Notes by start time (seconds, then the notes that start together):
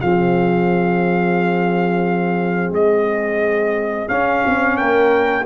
0.00 F3 C4 G#4 F5
2.71 G#3 D#5
4.08 C#4 F5
4.46 C4
4.76 A#3 A#4 G5